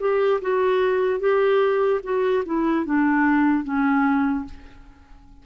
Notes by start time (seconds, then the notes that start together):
0.00 G4
0.41 F#4
1.19 G4
2.03 F#4
2.45 E4
2.85 D4
3.64 C#4